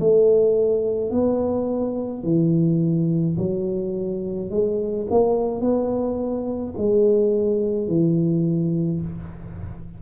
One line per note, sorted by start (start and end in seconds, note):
0.00 1.11 A3
1.11 2.23 B3
2.23 3.37 E3
3.38 4.50 F#3
4.50 5.07 G#3
5.10 5.61 A#3
5.61 6.74 B3
6.77 7.88 G#3
7.88 9.01 E3